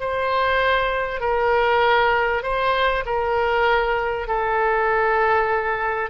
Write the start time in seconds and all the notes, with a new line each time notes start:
0.00 C5
1.21 A#4
2.43 C5
3.05 A#4
4.28 A4